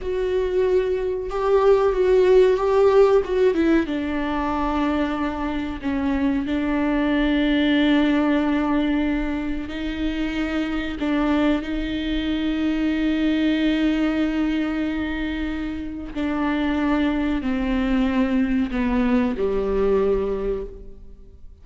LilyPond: \new Staff \with { instrumentName = "viola" } { \time 4/4 \tempo 4 = 93 fis'2 g'4 fis'4 | g'4 fis'8 e'8 d'2~ | d'4 cis'4 d'2~ | d'2. dis'4~ |
dis'4 d'4 dis'2~ | dis'1~ | dis'4 d'2 c'4~ | c'4 b4 g2 | }